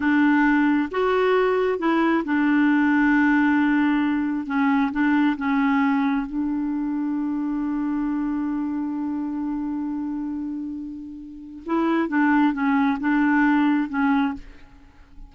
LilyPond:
\new Staff \with { instrumentName = "clarinet" } { \time 4/4 \tempo 4 = 134 d'2 fis'2 | e'4 d'2.~ | d'2 cis'4 d'4 | cis'2 d'2~ |
d'1~ | d'1~ | d'2 e'4 d'4 | cis'4 d'2 cis'4 | }